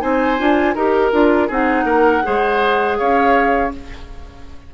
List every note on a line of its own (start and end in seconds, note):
0.00 0.39 C4
0.00 0.37 D#4
0.00 0.75 C5
0.00 0.75 G#5
0.38 0.75 D4
0.38 0.75 F4
0.75 1.12 D#4
0.75 1.12 G4
0.75 1.47 A#4
0.75 1.50 A#4
1.12 1.49 D4
1.12 1.49 F4
1.47 1.84 C4
1.47 2.23 D#4
1.47 1.84 G#4
1.47 2.98 F#5
1.84 2.21 A#3
1.84 2.22 A#4
2.23 3.00 G#3
2.23 3.71 G#4
2.23 2.98 C5
2.98 3.74 C#4
2.98 3.72 C#5
2.98 3.72 F5